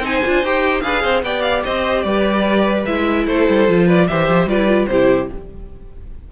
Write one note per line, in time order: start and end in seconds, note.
0.00 0.20 C4
0.00 0.23 D#4
0.00 0.83 C5
0.00 0.46 G#5
0.25 0.43 D4
0.25 0.45 F4
0.43 0.84 D#4
0.43 0.83 G4
0.43 0.81 G5
0.81 1.03 D4
0.81 1.24 G#4
0.81 1.03 B4
0.81 1.22 F5
1.03 1.23 C4
1.03 1.23 C5
1.23 1.63 B3
1.23 2.87 G4
1.23 1.65 D5
1.23 1.42 G5
1.42 1.62 F5
1.65 2.04 C4
1.65 2.05 C5
1.65 2.03 D#5
2.03 2.85 G3
2.03 3.26 B4
2.03 2.84 D5
2.86 3.28 G#3
2.86 3.68 E4
2.86 3.27 E5
3.27 3.48 A3
3.27 3.87 A4
3.27 3.88 C5
3.49 3.69 G3
3.68 4.09 F3
3.68 4.09 F4
3.87 4.07 B4
3.87 4.08 D5
4.08 4.29 E3
4.08 4.49 G4
4.08 4.49 C5
4.08 4.49 E5
4.29 4.46 F3
4.46 4.86 G3
4.46 4.59 F4
4.46 4.90 B4
4.46 4.87 D5
4.59 4.67 E4
4.67 4.87 F4
4.87 5.30 C3
4.87 5.32 E4
4.87 5.32 G4
4.87 5.28 C5